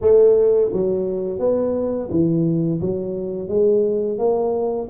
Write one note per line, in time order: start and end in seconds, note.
0.01 0.71 A3
0.72 1.39 F#3
1.39 2.09 B3
2.10 2.80 E3
2.80 3.48 F#3
3.48 4.18 G#3
4.18 4.88 A#3